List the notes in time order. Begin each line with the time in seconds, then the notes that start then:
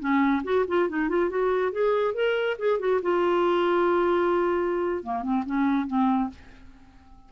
0.00 C#4
0.44 F#4
0.68 F4
0.89 D#4
1.09 F4
1.30 F#4
1.72 G#4
2.14 A#4
2.59 G#4
2.79 F#4
3.02 F4
5.03 A#3
5.23 C4
5.46 C#4
5.87 C4